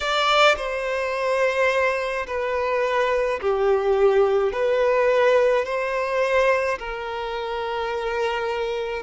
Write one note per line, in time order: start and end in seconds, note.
0.00 0.55 D5
0.57 2.26 C5
2.26 3.40 B4
3.41 4.52 G4
4.52 5.64 B4
5.64 6.78 C5
6.78 9.03 A#4